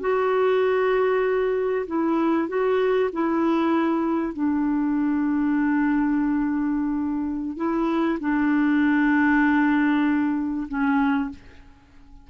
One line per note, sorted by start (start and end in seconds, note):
0.00 1.86 F#4
1.86 2.48 E4
2.48 3.10 F#4
3.12 4.33 E4
4.33 7.56 D4
7.56 8.18 E4
8.20 10.67 D4
10.68 11.30 C#4